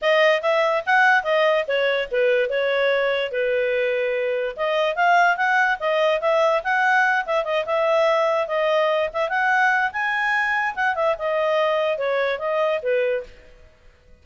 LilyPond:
\new Staff \with { instrumentName = "clarinet" } { \time 4/4 \tempo 4 = 145 dis''4 e''4 fis''4 dis''4 | cis''4 b'4 cis''2 | b'2. dis''4 | f''4 fis''4 dis''4 e''4 |
fis''4. e''8 dis''8 e''4.~ | e''8 dis''4. e''8 fis''4. | gis''2 fis''8 e''8 dis''4~ | dis''4 cis''4 dis''4 b'4 | }